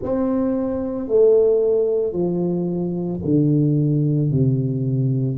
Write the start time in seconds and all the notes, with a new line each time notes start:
0.02 C4
1.08 A3
2.12 F3
3.24 D3
4.31 C3